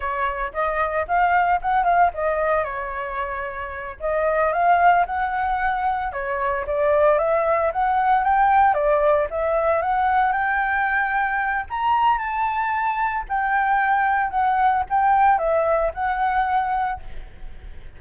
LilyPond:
\new Staff \with { instrumentName = "flute" } { \time 4/4 \tempo 4 = 113 cis''4 dis''4 f''4 fis''8 f''8 | dis''4 cis''2~ cis''8 dis''8~ | dis''8 f''4 fis''2 cis''8~ | cis''8 d''4 e''4 fis''4 g''8~ |
g''8 d''4 e''4 fis''4 g''8~ | g''2 ais''4 a''4~ | a''4 g''2 fis''4 | g''4 e''4 fis''2 | }